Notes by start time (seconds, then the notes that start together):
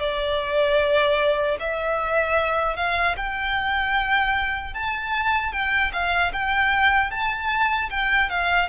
0.00 D5
1.60 E5
2.77 F5
3.17 G5
4.74 A5
5.53 G5
5.93 F5
6.33 G5
7.11 A5
7.90 G5
8.30 F5